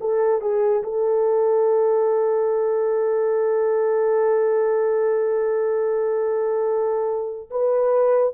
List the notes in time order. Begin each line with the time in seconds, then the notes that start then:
0.00 A4
0.41 G#4
0.83 A4
7.50 B4